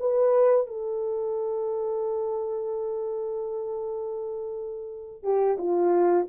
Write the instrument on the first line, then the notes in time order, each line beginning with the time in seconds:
horn
0.00 B4
0.67 A4
5.24 G4
5.59 F4